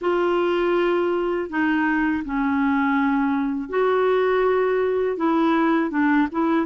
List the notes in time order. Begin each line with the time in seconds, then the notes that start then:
0.01 F4
1.49 D#4
2.24 C#4
3.69 F#4
5.16 E4
5.90 D4
6.31 E4